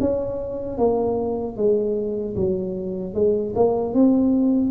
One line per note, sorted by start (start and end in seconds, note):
0.00 0.78 C#4
0.78 1.56 A#3
1.56 2.35 G#3
2.35 3.14 F#3
3.14 3.53 G#3
3.55 3.93 A#3
3.93 4.70 C4